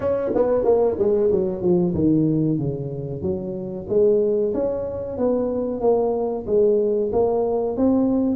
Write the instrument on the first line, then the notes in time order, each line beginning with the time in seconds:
tuba
0.00 C#4
0.35 B3
0.64 A#3
0.98 G#3
1.31 F#3
1.61 F3
1.94 D#3
2.58 C#3
3.22 F#3
3.88 G#3
4.53 C#4
5.17 B3
5.81 A#3
6.46 G#3
7.12 A#3
7.77 C4